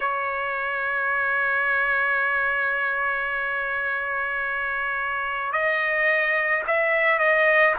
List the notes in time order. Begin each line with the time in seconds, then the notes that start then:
0.00 C#5
5.52 D#5
6.67 E5
7.18 D#5